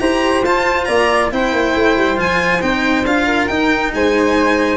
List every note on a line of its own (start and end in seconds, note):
0.00 0.43 E4
0.00 0.44 G4
0.00 0.88 C5
0.00 0.44 A#5
0.43 0.87 F4
0.43 1.32 F4
0.43 0.85 A5
0.85 1.32 A#3
0.85 1.32 D5
0.85 1.29 A#5
1.32 1.53 C4
1.32 2.17 E4
1.32 3.26 C5
1.32 2.20 G5
1.53 1.75 A#3
1.75 1.97 A3
1.97 2.18 G3
2.17 2.62 F3
2.17 2.61 F4
2.17 2.62 G#5
2.62 3.05 C4
2.62 3.05 D#4
2.62 3.06 G5
3.05 3.49 D4
3.05 3.51 F4
3.05 3.48 F5
3.26 3.92 A#4
3.48 3.93 D#4
3.48 4.78 D#4
3.48 3.92 G5
3.94 4.78 G#3
3.94 4.78 C5
3.94 4.78 G#5